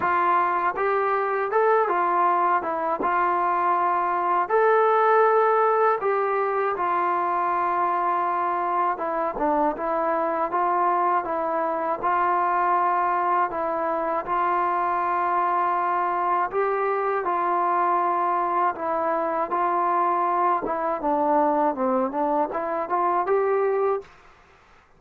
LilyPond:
\new Staff \with { instrumentName = "trombone" } { \time 4/4 \tempo 4 = 80 f'4 g'4 a'8 f'4 e'8 | f'2 a'2 | g'4 f'2. | e'8 d'8 e'4 f'4 e'4 |
f'2 e'4 f'4~ | f'2 g'4 f'4~ | f'4 e'4 f'4. e'8 | d'4 c'8 d'8 e'8 f'8 g'4 | }